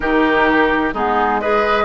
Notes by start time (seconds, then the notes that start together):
0.00 D#3 D#4 G4 A#4
0.93 G#3 B3 D#4 G#4
1.41 G#4 B4 D#5